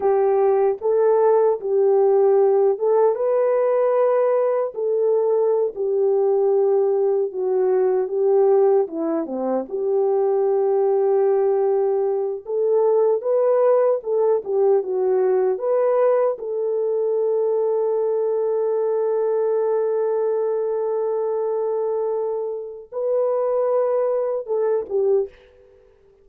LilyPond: \new Staff \with { instrumentName = "horn" } { \time 4/4 \tempo 4 = 76 g'4 a'4 g'4. a'8 | b'2 a'4~ a'16 g'8.~ | g'4~ g'16 fis'4 g'4 e'8 c'16~ | c'16 g'2.~ g'8 a'16~ |
a'8. b'4 a'8 g'8 fis'4 b'16~ | b'8. a'2.~ a'16~ | a'1~ | a'4 b'2 a'8 g'8 | }